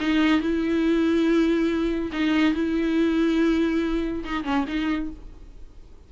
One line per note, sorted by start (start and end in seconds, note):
0.00 0.40 D#4
0.40 2.11 E4
2.12 2.53 D#4
2.53 4.23 E4
4.24 4.44 D#4
4.44 4.65 C#4
4.67 5.10 D#4